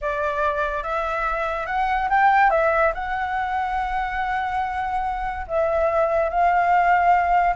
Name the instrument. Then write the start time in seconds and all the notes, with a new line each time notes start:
flute
0.01 D5
0.83 E5
1.66 F#5
2.09 G5
2.50 E5
2.94 F#5
5.47 E5
6.29 F5